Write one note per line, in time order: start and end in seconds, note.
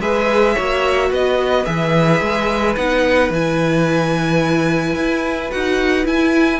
0.00 0.55 G#3
0.00 0.56 G#4
0.00 0.54 B4
0.00 1.11 E5
0.54 1.10 A#3
0.54 1.65 F#4
0.54 1.09 C#5
1.10 1.65 B3
1.10 6.60 B4
1.10 1.65 D#5
1.65 2.21 E3
1.65 2.75 G#4
1.65 2.75 E5
2.21 2.76 G#3
2.75 3.30 B3
2.75 3.32 D#4
2.75 3.30 F#5
3.30 4.95 E3
3.30 5.51 E4
3.30 5.51 G#5
4.95 5.50 E4
5.51 6.06 D#4
5.51 6.03 F#4
5.51 6.06 F#5
6.03 6.58 E4
6.03 6.60 E4
6.03 6.60 G#5